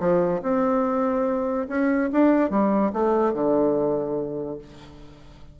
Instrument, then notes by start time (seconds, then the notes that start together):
bassoon
0.00 F3
0.43 C4
1.69 C#4
2.12 D4
2.51 G3
2.94 A3
3.34 D3